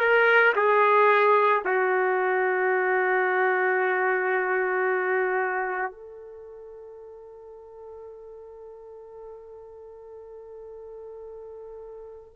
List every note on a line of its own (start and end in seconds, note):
0.00 0.54 A#4
0.56 1.63 G#4
1.65 5.92 F#4
5.92 12.35 A4